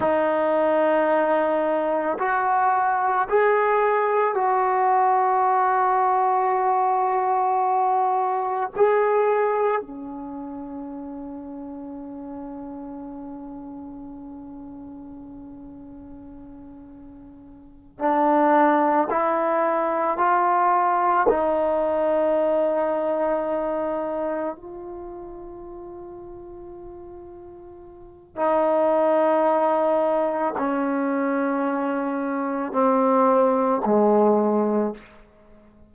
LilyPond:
\new Staff \with { instrumentName = "trombone" } { \time 4/4 \tempo 4 = 55 dis'2 fis'4 gis'4 | fis'1 | gis'4 cis'2.~ | cis'1~ |
cis'8 d'4 e'4 f'4 dis'8~ | dis'2~ dis'8 f'4.~ | f'2 dis'2 | cis'2 c'4 gis4 | }